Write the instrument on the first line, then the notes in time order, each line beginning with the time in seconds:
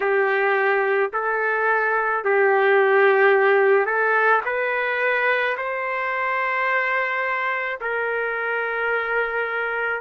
trumpet
0.00 G4
1.13 A4
2.24 G4
3.85 A4
4.45 B4
5.57 C5
7.80 A#4